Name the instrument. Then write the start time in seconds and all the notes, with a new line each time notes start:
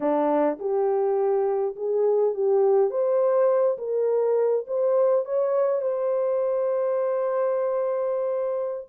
horn
0.00 D4
0.59 G4
1.76 G#4
2.34 G4
2.90 C5
3.78 A#4
4.67 C5
5.25 C#5
5.81 C5